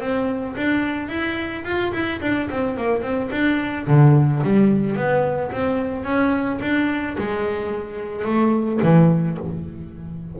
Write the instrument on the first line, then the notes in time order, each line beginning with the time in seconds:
double bass
0.00 C4
0.57 D4
1.09 E4
1.64 F4
1.93 E4
2.21 D4
2.50 C4
2.77 A#3
3.02 C4
3.31 D4
3.87 D3
4.43 G3
4.96 B3
5.52 C4
6.04 C#4
6.62 D4
7.18 G#3
8.25 A3
8.83 E3